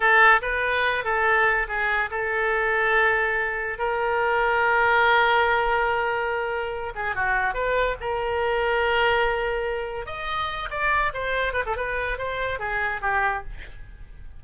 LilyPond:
\new Staff \with { instrumentName = "oboe" } { \time 4/4 \tempo 4 = 143 a'4 b'4. a'4. | gis'4 a'2.~ | a'4 ais'2.~ | ais'1~ |
ais'8 gis'8 fis'4 b'4 ais'4~ | ais'1 | dis''4. d''4 c''4 b'16 a'16 | b'4 c''4 gis'4 g'4 | }